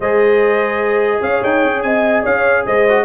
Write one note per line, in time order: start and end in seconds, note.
0.00 1.19 G#3
0.00 2.88 G#4
0.00 1.22 C5
0.00 1.22 D#5
1.21 1.41 C#4
1.21 1.85 C#5
1.21 1.43 F5
1.43 1.64 D#4
1.43 1.82 G5
1.64 1.83 C#4
1.82 2.24 C4
1.82 2.23 D#5
1.82 2.23 G#5
2.23 2.66 C#4
2.23 2.64 C#5
2.23 2.65 F5
2.66 3.04 G#3
2.66 3.04 C5
2.66 3.04 D#5
2.88 3.04 F#4